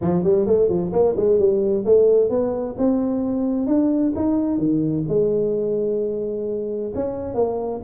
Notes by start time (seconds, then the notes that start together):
0.01 F3
0.23 G3
0.46 A3
0.68 F3
0.92 A#3
1.16 G#3
1.38 G3
1.85 A3
2.29 B3
2.78 C4
3.66 D4
4.15 D#4
4.58 D#3
5.08 G#3
6.95 C#4
7.34 A#3